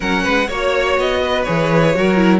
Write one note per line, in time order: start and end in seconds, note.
0.00 0.25 F#3
0.00 0.47 C#4
0.00 0.23 A#4
0.00 0.49 F#5
0.23 0.48 G#3
0.23 0.47 B4
0.47 0.97 A#3
0.47 1.46 F#4
0.47 1.20 C#5
0.47 0.98 C#5
0.97 1.46 B3
0.97 1.43 D#5
1.22 1.96 B4
1.43 1.96 E3
1.43 1.94 G#4
1.43 2.40 C#5
1.94 2.40 F#3
1.94 2.16 F#4
1.94 2.40 A#4
2.16 2.40 E4